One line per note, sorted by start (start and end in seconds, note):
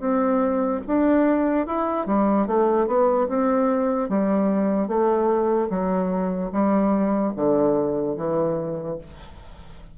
0.00 0.81 C4
0.87 1.67 D4
1.67 2.07 E4
2.07 2.47 G3
2.48 2.87 A3
2.87 3.28 B3
3.29 4.09 C4
4.09 4.88 G3
4.88 5.69 A3
5.70 6.51 F#3
6.52 7.33 G3
7.36 8.17 D3
8.17 8.98 E3